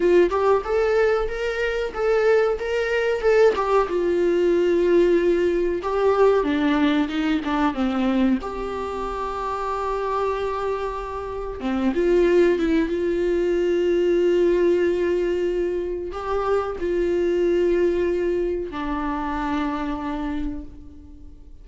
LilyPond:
\new Staff \with { instrumentName = "viola" } { \time 4/4 \tempo 4 = 93 f'8 g'8 a'4 ais'4 a'4 | ais'4 a'8 g'8 f'2~ | f'4 g'4 d'4 dis'8 d'8 | c'4 g'2.~ |
g'2 c'8 f'4 e'8 | f'1~ | f'4 g'4 f'2~ | f'4 d'2. | }